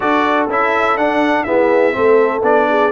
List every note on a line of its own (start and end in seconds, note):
0.00 0.48 D4
0.00 0.49 F#4
0.00 1.46 A4
0.00 0.47 D5
0.48 0.97 C#4
0.48 0.98 E4
0.48 0.97 E5
0.97 1.46 D4
0.97 1.43 F#5
1.43 1.93 B3
1.43 1.95 E4
1.43 1.95 G#4
1.43 2.41 E5
1.93 2.42 A3
1.93 2.41 C4
1.93 2.69 A4
2.42 2.91 B3
2.42 2.91 D4
2.42 2.91 D5
2.69 2.91 G#4